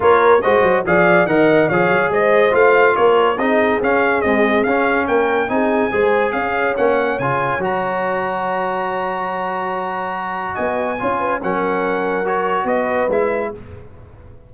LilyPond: <<
  \new Staff \with { instrumentName = "trumpet" } { \time 4/4 \tempo 4 = 142 cis''4 dis''4 f''4 fis''4 | f''4 dis''4 f''4 cis''4 | dis''4 f''4 dis''4 f''4 | g''4 gis''2 f''4 |
fis''4 gis''4 ais''2~ | ais''1~ | ais''4 gis''2 fis''4~ | fis''4 cis''4 dis''4 e''4 | }
  \new Staff \with { instrumentName = "horn" } { \time 4/4 ais'4 c''4 d''4 dis''4 | cis''4 c''2 ais'4 | gis'1 | ais'4 gis'4 c''4 cis''4~ |
cis''1~ | cis''1~ | cis''4 dis''4 cis''8 b'8 ais'4~ | ais'2 b'2 | }
  \new Staff \with { instrumentName = "trombone" } { \time 4/4 f'4 fis'4 gis'4 ais'4 | gis'2 f'2 | dis'4 cis'4 gis4 cis'4~ | cis'4 dis'4 gis'2 |
cis'4 f'4 fis'2~ | fis'1~ | fis'2 f'4 cis'4~ | cis'4 fis'2 e'4 | }
  \new Staff \with { instrumentName = "tuba" } { \time 4/4 ais4 gis8 fis8 f4 dis4 | f8 fis8 gis4 a4 ais4 | c'4 cis'4 c'4 cis'4 | ais4 c'4 gis4 cis'4 |
ais4 cis4 fis2~ | fis1~ | fis4 b4 cis'4 fis4~ | fis2 b4 gis4 | }
>>